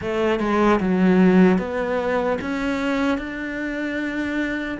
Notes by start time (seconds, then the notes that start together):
0.01 A3
0.39 G#3
0.80 F#3
1.58 B3
2.41 C#4
3.18 D4